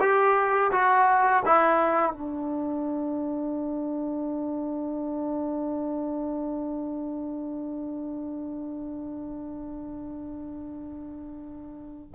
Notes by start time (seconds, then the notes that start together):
0.00 G4
0.71 F#4
1.46 E4
2.13 D4